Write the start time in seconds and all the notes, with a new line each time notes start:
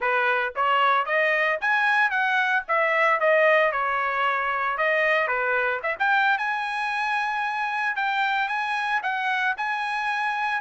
0.00 B4
0.55 C#5
1.05 D#5
1.60 G#5
2.10 F#5
2.68 E5
3.20 D#5
3.72 C#5
4.77 D#5
5.27 B4
5.82 E5
5.99 G5
6.38 G#5
7.96 G5
8.48 G#5
9.02 F#5
9.57 G#5